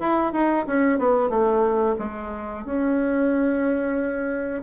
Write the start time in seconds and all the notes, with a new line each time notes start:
0.00 E4
0.32 D#4
0.67 C#4
0.98 B3
1.29 A3
1.99 G#3
2.65 C#4